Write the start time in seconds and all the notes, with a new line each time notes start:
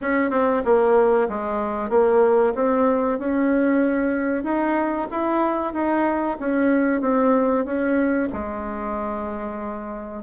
0.01 C#4
0.30 C4
0.64 A#3
1.29 G#3
1.89 A#3
2.54 C4
3.19 C#4
4.43 D#4
5.11 E4
5.73 D#4
6.39 C#4
7.01 C4
7.65 C#4
8.32 G#3